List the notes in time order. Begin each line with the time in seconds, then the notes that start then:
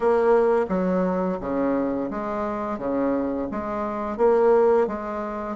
0.00 A#3
0.68 F#3
1.40 C#3
2.10 G#3
2.78 C#3
3.51 G#3
4.17 A#3
4.87 G#3